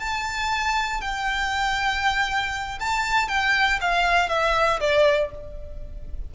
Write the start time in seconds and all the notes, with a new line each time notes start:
0.00 A5
1.02 G5
2.80 A5
3.29 G5
3.81 F5
4.30 E5
4.81 D5